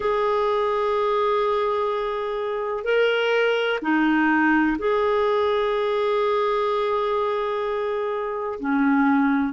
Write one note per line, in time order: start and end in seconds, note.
0.00 2.84 G#4
2.84 3.79 A#4
3.82 4.77 D#4
4.78 8.59 G#4
8.59 9.53 C#4